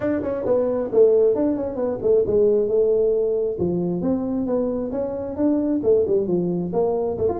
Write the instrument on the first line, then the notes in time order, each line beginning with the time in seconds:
tuba
0.00 D4
0.22 C#4
0.45 B3
0.92 A3
1.35 D4
1.56 C#4
1.75 B3
2.02 A3
2.26 G#3
2.68 A3
3.59 F3
4.01 C4
4.46 B3
4.91 C#4
5.36 D4
5.83 A3
6.07 G3
6.27 F3
6.72 A#3
7.18 A3
7.28 F4